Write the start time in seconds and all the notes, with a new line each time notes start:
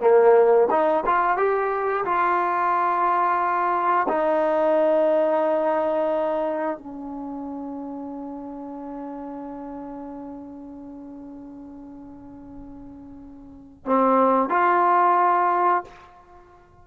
0.00 A#3
0.70 D#4
1.06 F4
1.37 G4
2.05 F4
4.08 D#4
6.78 C#4
13.85 C4
14.49 F4